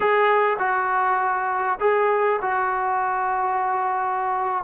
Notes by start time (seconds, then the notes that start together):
0.00 G#4
0.58 F#4
1.80 G#4
2.41 F#4